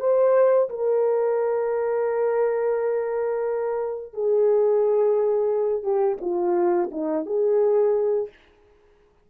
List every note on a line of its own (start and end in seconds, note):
0.00 0.69 C5
0.70 4.13 A#4
4.13 5.83 G#4
5.83 6.18 G4
6.21 6.90 F4
6.92 7.26 D#4
7.26 8.29 G#4